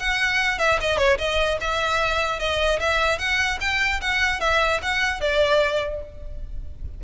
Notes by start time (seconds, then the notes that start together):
0.00 F#5
0.59 E5
0.81 D#5
0.98 C#5
1.18 D#5
1.61 E5
2.40 D#5
2.80 E5
3.19 F#5
3.61 G5
4.01 F#5
4.41 E5
4.83 F#5
5.21 D5